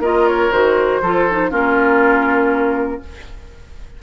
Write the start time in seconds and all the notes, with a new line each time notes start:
0.00 A#3 F4 A#4 D#5
0.28 C#5
0.52 D#3 F#4 C5
1.02 F3 F4 A4
1.31 D#4
1.51 A#3 C#4 F4 A#4